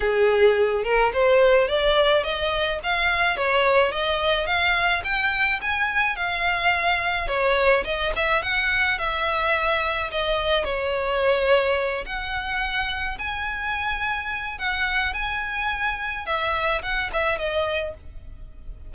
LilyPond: \new Staff \with { instrumentName = "violin" } { \time 4/4 \tempo 4 = 107 gis'4. ais'8 c''4 d''4 | dis''4 f''4 cis''4 dis''4 | f''4 g''4 gis''4 f''4~ | f''4 cis''4 dis''8 e''8 fis''4 |
e''2 dis''4 cis''4~ | cis''4. fis''2 gis''8~ | gis''2 fis''4 gis''4~ | gis''4 e''4 fis''8 e''8 dis''4 | }